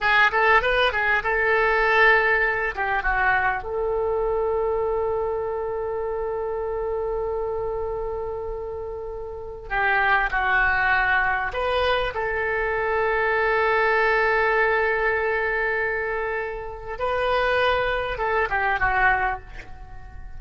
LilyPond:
\new Staff \with { instrumentName = "oboe" } { \time 4/4 \tempo 4 = 99 gis'8 a'8 b'8 gis'8 a'2~ | a'8 g'8 fis'4 a'2~ | a'1~ | a'1 |
g'4 fis'2 b'4 | a'1~ | a'1 | b'2 a'8 g'8 fis'4 | }